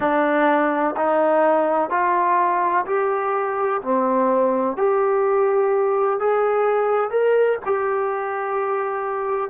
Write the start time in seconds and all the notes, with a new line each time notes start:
0.00 D4
0.96 D#4
1.90 F4
2.86 G4
3.81 C4
4.77 G4
6.19 G#4
7.10 A#4
7.65 G4